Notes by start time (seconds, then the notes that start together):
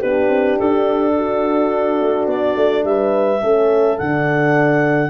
0.00 B3 D4 G4 B4
0.29 C4
0.59 D4 A4
1.17 F#4
2.02 A3
2.27 B3 D5
2.56 A3
2.84 G3 B4 E5
3.42 A3 C#4 A4
3.98 D3 D4 F#5